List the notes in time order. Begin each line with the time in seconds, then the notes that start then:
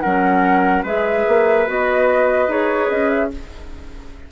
0.00 F#3 C#4 A#4 F#5
0.83 G#3 G#4 B4 E5
1.27 A#3
1.66 B3 F#4 D#5
2.48 D#4 G#4 C#5
2.89 C#4 D#5
3.09 E5